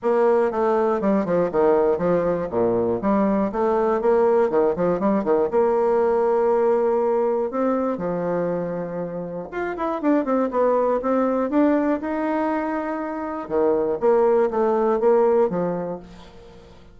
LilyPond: \new Staff \with { instrumentName = "bassoon" } { \time 4/4 \tempo 4 = 120 ais4 a4 g8 f8 dis4 | f4 ais,4 g4 a4 | ais4 dis8 f8 g8 dis8 ais4~ | ais2. c'4 |
f2. f'8 e'8 | d'8 c'8 b4 c'4 d'4 | dis'2. dis4 | ais4 a4 ais4 f4 | }